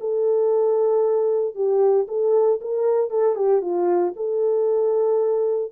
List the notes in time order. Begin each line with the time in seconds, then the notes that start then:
0.00 A4
1.55 G4
2.08 A4
2.61 A#4
3.10 A4
3.35 G4
3.61 F4
4.16 A4